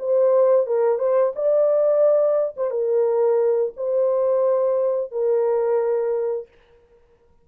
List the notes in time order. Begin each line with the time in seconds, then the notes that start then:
0.00 C5
0.67 A#4
0.99 C5
1.36 D5
2.57 C5
2.71 A#4
3.77 C5
5.12 A#4